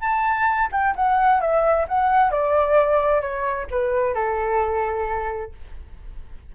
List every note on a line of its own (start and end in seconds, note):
0.00 0.69 A5
0.72 0.95 G5
0.96 1.41 F#5
1.41 1.86 E5
1.88 2.31 F#5
2.31 3.21 D5
3.21 3.67 C#5
3.71 4.14 B4
4.14 5.52 A4